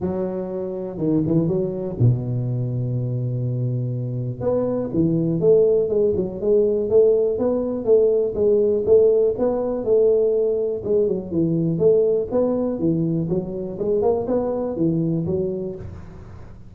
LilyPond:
\new Staff \with { instrumentName = "tuba" } { \time 4/4 \tempo 4 = 122 fis2 dis8 e8 fis4 | b,1~ | b,4 b4 e4 a4 | gis8 fis8 gis4 a4 b4 |
a4 gis4 a4 b4 | a2 gis8 fis8 e4 | a4 b4 e4 fis4 | gis8 ais8 b4 e4 fis4 | }